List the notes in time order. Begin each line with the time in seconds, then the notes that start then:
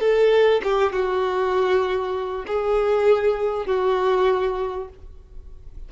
0.00 A4
0.63 G4
0.92 F#4
2.47 G#4
3.66 F#4